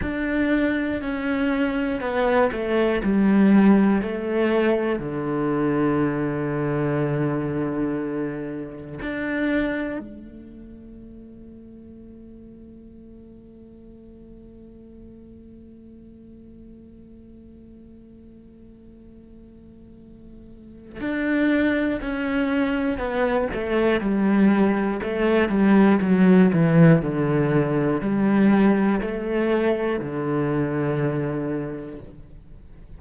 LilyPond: \new Staff \with { instrumentName = "cello" } { \time 4/4 \tempo 4 = 60 d'4 cis'4 b8 a8 g4 | a4 d2.~ | d4 d'4 a2~ | a1~ |
a1~ | a4 d'4 cis'4 b8 a8 | g4 a8 g8 fis8 e8 d4 | g4 a4 d2 | }